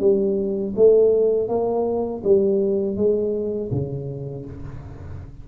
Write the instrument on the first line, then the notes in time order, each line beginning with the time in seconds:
tuba
0.00 G3
0.76 A3
1.48 A#3
2.24 G3
2.96 G#3
3.72 C#3